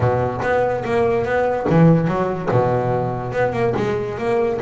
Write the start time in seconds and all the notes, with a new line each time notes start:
0.00 B2
0.41 B3
0.84 A#3
1.24 B3
1.69 E3
2.07 F#3
2.51 B2
3.32 B3
3.52 A#3
3.77 G#3
4.18 A#3